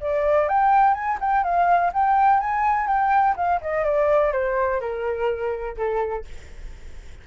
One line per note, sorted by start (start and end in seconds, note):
0.00 0.48 D5
0.48 0.94 G5
0.94 1.18 G#5
1.20 1.43 G5
1.43 1.91 F5
1.93 2.40 G5
2.40 2.87 G#5
2.87 3.35 G5
3.36 3.60 F5
3.61 3.84 D#5
3.84 4.32 D5
4.32 4.80 C5
4.80 5.76 A#4
5.76 6.24 A4